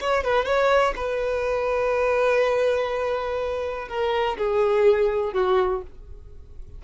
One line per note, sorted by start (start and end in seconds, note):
0.00 0.24 C#5
0.24 0.45 B4
0.45 0.94 C#5
0.96 3.88 B4
3.88 4.37 A#4
4.37 5.33 G#4
5.33 5.82 F#4